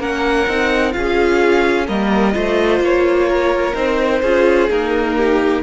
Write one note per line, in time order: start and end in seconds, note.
0.00 0.47 A#3
0.00 0.48 C#4
0.00 0.94 A#4
0.00 0.93 F#5
0.47 0.94 C4
0.47 0.93 D#4
0.93 1.89 C#4
0.93 1.87 F4
0.93 1.87 G#4
0.93 1.87 F5
1.87 2.36 G3
1.87 2.34 A#3
1.87 2.34 A#4
1.87 2.82 D#5
2.34 2.80 A3
2.34 3.75 F4
2.34 3.29 C5
2.80 3.74 A#3
2.80 3.76 C#5
3.29 4.22 A#4
3.75 4.22 C4
3.75 4.22 D#4
3.75 4.70 C5
4.22 4.70 C#4
4.22 4.71 F4
4.22 5.16 G#4
4.71 5.64 A#3
4.71 5.64 D#4
4.71 5.64 A#4
5.17 5.64 G4